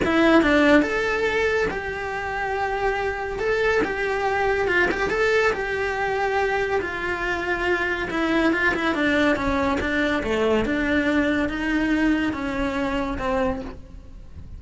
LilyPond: \new Staff \with { instrumentName = "cello" } { \time 4/4 \tempo 4 = 141 e'4 d'4 a'2 | g'1 | a'4 g'2 f'8 g'8 | a'4 g'2. |
f'2. e'4 | f'8 e'8 d'4 cis'4 d'4 | a4 d'2 dis'4~ | dis'4 cis'2 c'4 | }